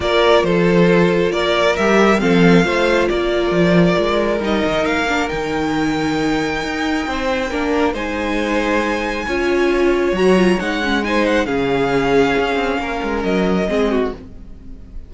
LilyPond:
<<
  \new Staff \with { instrumentName = "violin" } { \time 4/4 \tempo 4 = 136 d''4 c''2 d''4 | e''4 f''2 d''4~ | d''2 dis''4 f''4 | g''1~ |
g''2 gis''2~ | gis''2. ais''4 | fis''4 gis''8 fis''8 f''2~ | f''2 dis''2 | }
  \new Staff \with { instrumentName = "violin" } { \time 4/4 ais'4 a'2 ais'4~ | ais'4 a'4 c''4 ais'4~ | ais'1~ | ais'1 |
c''4 ais'4 c''2~ | c''4 cis''2.~ | cis''4 c''4 gis'2~ | gis'4 ais'2 gis'8 fis'8 | }
  \new Staff \with { instrumentName = "viola" } { \time 4/4 f'1 | g'4 c'4 f'2~ | f'2 dis'4. d'8 | dis'1~ |
dis'4 d'4 dis'2~ | dis'4 f'2 fis'8 f'8 | dis'8 cis'8 dis'4 cis'2~ | cis'2. c'4 | }
  \new Staff \with { instrumentName = "cello" } { \time 4/4 ais4 f2 ais4 | g4 f4 a4 ais4 | f4 gis4 g8 dis8 ais4 | dis2. dis'4 |
c'4 ais4 gis2~ | gis4 cis'2 fis4 | gis2 cis2 | cis'8 c'8 ais8 gis8 fis4 gis4 | }
>>